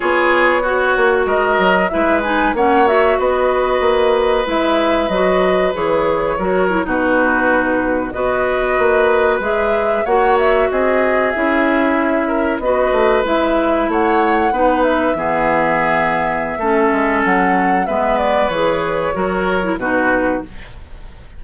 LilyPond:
<<
  \new Staff \with { instrumentName = "flute" } { \time 4/4 \tempo 4 = 94 cis''2 dis''4 e''8 gis''8 | fis''8 e''8 dis''2 e''4 | dis''4 cis''4.~ cis''16 b'4~ b'16~ | b'8. dis''2 e''4 fis''16~ |
fis''16 e''8 dis''4 e''2 dis''16~ | dis''8. e''4 fis''4. e''8.~ | e''2. fis''4 | e''8 d''8 cis''2 b'4 | }
  \new Staff \with { instrumentName = "oboe" } { \time 4/4 gis'4 fis'4 ais'4 b'4 | cis''4 b'2.~ | b'2 ais'8. fis'4~ fis'16~ | fis'8. b'2. cis''16~ |
cis''8. gis'2~ gis'8 ais'8 b'16~ | b'4.~ b'16 cis''4 b'4 gis'16~ | gis'2 a'2 | b'2 ais'4 fis'4 | }
  \new Staff \with { instrumentName = "clarinet" } { \time 4/4 f'4 fis'2 e'8 dis'8 | cis'8 fis'2~ fis'8 e'4 | fis'4 gis'4 fis'8 e'16 dis'4~ dis'16~ | dis'8. fis'2 gis'4 fis'16~ |
fis'4.~ fis'16 e'2 fis'16~ | fis'8. e'2 dis'4 b16~ | b2 cis'2 | b4 gis'4 fis'8. e'16 dis'4 | }
  \new Staff \with { instrumentName = "bassoon" } { \time 4/4 b4. ais8 gis8 fis8 gis4 | ais4 b4 ais4 gis4 | fis4 e4 fis8. b,4~ b,16~ | b,8. b4 ais4 gis4 ais16~ |
ais8. c'4 cis'2 b16~ | b16 a8 gis4 a4 b4 e16~ | e2 a8 gis8 fis4 | gis4 e4 fis4 b,4 | }
>>